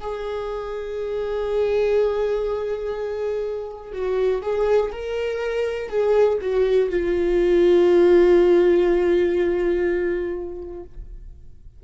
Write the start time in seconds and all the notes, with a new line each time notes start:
0.00 G#4
3.92 F#4
4.42 G#4
4.91 A#4
5.89 G#4
6.41 F#4
6.90 F4